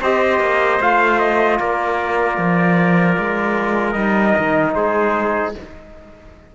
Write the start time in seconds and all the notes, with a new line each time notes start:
0.00 C4 G4 C5 D#5
0.39 A#3
0.80 A3 F4 F5
1.18 D#5
1.59 A#3 A#4 D5
2.37 F3
3.18 G#3
3.92 G3 D#4 D#5
4.38 D#3
4.74 G#3 G#4 C5